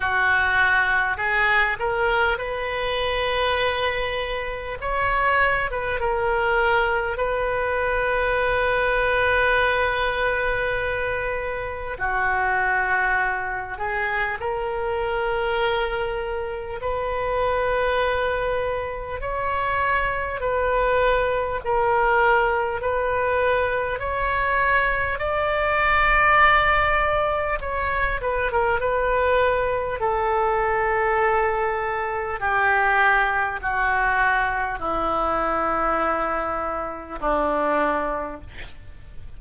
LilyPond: \new Staff \with { instrumentName = "oboe" } { \time 4/4 \tempo 4 = 50 fis'4 gis'8 ais'8 b'2 | cis''8. b'16 ais'4 b'2~ | b'2 fis'4. gis'8 | ais'2 b'2 |
cis''4 b'4 ais'4 b'4 | cis''4 d''2 cis''8 b'16 ais'16 | b'4 a'2 g'4 | fis'4 e'2 d'4 | }